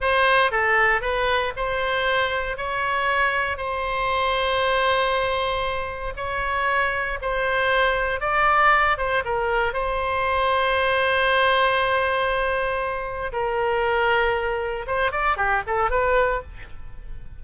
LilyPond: \new Staff \with { instrumentName = "oboe" } { \time 4/4 \tempo 4 = 117 c''4 a'4 b'4 c''4~ | c''4 cis''2 c''4~ | c''1 | cis''2 c''2 |
d''4. c''8 ais'4 c''4~ | c''1~ | c''2 ais'2~ | ais'4 c''8 d''8 g'8 a'8 b'4 | }